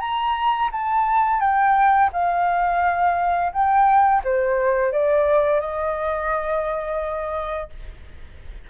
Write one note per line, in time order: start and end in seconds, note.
0.00 0.70 A#5
0.72 1.40 A5
1.40 2.10 G5
2.13 3.52 F5
3.53 4.23 G5
4.25 4.93 C5
4.93 5.61 D5
5.61 7.70 D#5